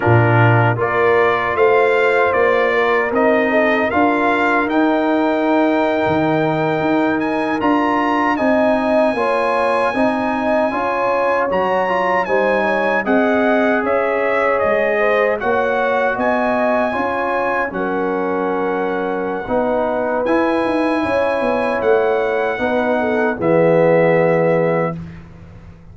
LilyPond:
<<
  \new Staff \with { instrumentName = "trumpet" } { \time 4/4 \tempo 4 = 77 ais'4 d''4 f''4 d''4 | dis''4 f''4 g''2~ | g''4~ g''16 gis''8 ais''4 gis''4~ gis''16~ | gis''2~ gis''8. ais''4 gis''16~ |
gis''8. fis''4 e''4 dis''4 fis''16~ | fis''8. gis''2 fis''4~ fis''16~ | fis''2 gis''2 | fis''2 e''2 | }
  \new Staff \with { instrumentName = "horn" } { \time 4/4 f'4 ais'4 c''4. ais'8~ | ais'8 a'8 ais'2.~ | ais'2~ ais'8. dis''4 cis''16~ | cis''8. dis''4 cis''2 c''16~ |
c''16 cis''8 dis''4 cis''4. c''8 cis''16~ | cis''8. dis''4 cis''4 ais'4~ ais'16~ | ais'4 b'2 cis''4~ | cis''4 b'8 a'8 gis'2 | }
  \new Staff \with { instrumentName = "trombone" } { \time 4/4 d'4 f'2. | dis'4 f'4 dis'2~ | dis'4.~ dis'16 f'4 dis'4 f'16~ | f'8. dis'4 f'4 fis'8 f'8 dis'16~ |
dis'8. gis'2. fis'16~ | fis'4.~ fis'16 f'4 cis'4~ cis'16~ | cis'4 dis'4 e'2~ | e'4 dis'4 b2 | }
  \new Staff \with { instrumentName = "tuba" } { \time 4/4 ais,4 ais4 a4 ais4 | c'4 d'4 dis'4.~ dis'16 dis16~ | dis8. dis'4 d'4 c'4 ais16~ | ais8. c'4 cis'4 fis4 g16~ |
g8. c'4 cis'4 gis4 ais16~ | ais8. b4 cis'4 fis4~ fis16~ | fis4 b4 e'8 dis'8 cis'8 b8 | a4 b4 e2 | }
>>